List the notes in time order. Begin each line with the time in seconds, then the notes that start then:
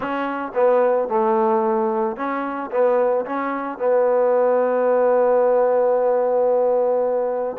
0.00 C#4
0.54 B3
1.08 A3
2.16 C#4
2.71 B3
3.25 C#4
3.78 B3